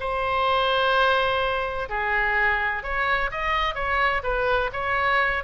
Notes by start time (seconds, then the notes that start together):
0.00 C5
1.89 G#4
2.83 C#5
3.31 D#5
3.75 C#5
4.23 B4
4.73 C#5